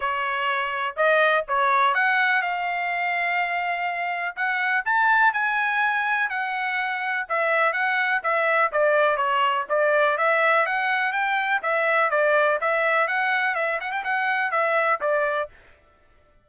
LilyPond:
\new Staff \with { instrumentName = "trumpet" } { \time 4/4 \tempo 4 = 124 cis''2 dis''4 cis''4 | fis''4 f''2.~ | f''4 fis''4 a''4 gis''4~ | gis''4 fis''2 e''4 |
fis''4 e''4 d''4 cis''4 | d''4 e''4 fis''4 g''4 | e''4 d''4 e''4 fis''4 | e''8 fis''16 g''16 fis''4 e''4 d''4 | }